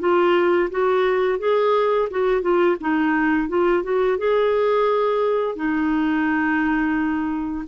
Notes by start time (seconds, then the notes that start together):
0.00 F4
0.71 F#4
1.39 G#4
2.11 F#4
2.42 F4
2.81 D#4
3.49 F4
3.84 F#4
4.19 G#4
5.56 D#4